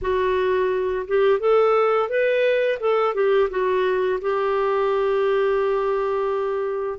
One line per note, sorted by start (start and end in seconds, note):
0.01 1.06 F#4
1.07 1.39 G4
1.39 2.09 A4
2.09 2.78 B4
2.80 3.14 A4
3.14 3.49 G4
3.49 4.19 F#4
4.21 6.99 G4